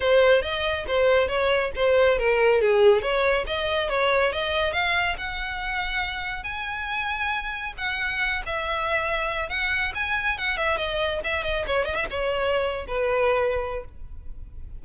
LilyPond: \new Staff \with { instrumentName = "violin" } { \time 4/4 \tempo 4 = 139 c''4 dis''4 c''4 cis''4 | c''4 ais'4 gis'4 cis''4 | dis''4 cis''4 dis''4 f''4 | fis''2. gis''4~ |
gis''2 fis''4. e''8~ | e''2 fis''4 gis''4 | fis''8 e''8 dis''4 e''8 dis''8 cis''8 dis''16 e''16 | cis''4.~ cis''16 b'2~ b'16 | }